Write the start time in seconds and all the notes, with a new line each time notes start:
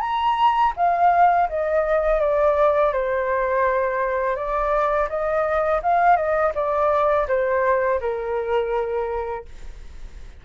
0.00 A#5
0.76 F5
1.49 D#5
2.20 D5
2.93 C5
4.36 D5
5.09 D#5
5.82 F5
6.16 D#5
6.55 D5
7.27 C5
8.00 A#4